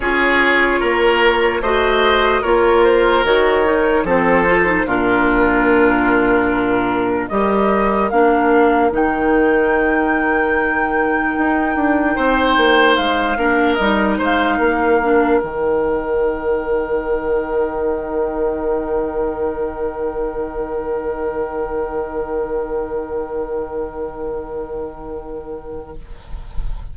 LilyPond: <<
  \new Staff \with { instrumentName = "flute" } { \time 4/4 \tempo 4 = 74 cis''2 dis''4 cis''8 c''8 | cis''4 c''4 ais'2~ | ais'4 dis''4 f''4 g''4~ | g''1 |
f''4 dis''8 f''4. g''4~ | g''1~ | g''1~ | g''1 | }
  \new Staff \with { instrumentName = "oboe" } { \time 4/4 gis'4 ais'4 c''4 ais'4~ | ais'4 a'4 f'2~ | f'4 ais'2.~ | ais'2. c''4~ |
c''8 ais'4 c''8 ais'2~ | ais'1~ | ais'1~ | ais'1 | }
  \new Staff \with { instrumentName = "clarinet" } { \time 4/4 f'2 fis'4 f'4 | fis'8 dis'8 c'8 f'16 dis'16 d'2~ | d'4 g'4 d'4 dis'4~ | dis'1~ |
dis'8 d'8 dis'4. d'8 dis'4~ | dis'1~ | dis'1~ | dis'1 | }
  \new Staff \with { instrumentName = "bassoon" } { \time 4/4 cis'4 ais4 a4 ais4 | dis4 f4 ais,2~ | ais,4 g4 ais4 dis4~ | dis2 dis'8 d'8 c'8 ais8 |
gis8 ais8 g8 gis8 ais4 dis4~ | dis1~ | dis1~ | dis1 | }
>>